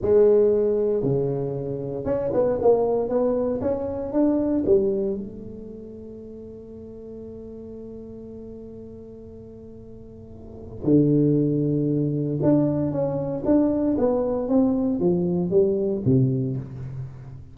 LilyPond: \new Staff \with { instrumentName = "tuba" } { \time 4/4 \tempo 4 = 116 gis2 cis2 | cis'8 b8 ais4 b4 cis'4 | d'4 g4 a2~ | a1~ |
a1~ | a4 d2. | d'4 cis'4 d'4 b4 | c'4 f4 g4 c4 | }